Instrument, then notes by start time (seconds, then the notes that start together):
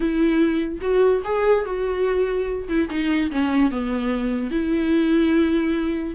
viola
0.00 E4
0.81 F#4
1.24 G#4
1.65 F#4
2.68 E4
2.90 D#4
3.31 C#4
3.70 B3
4.51 E4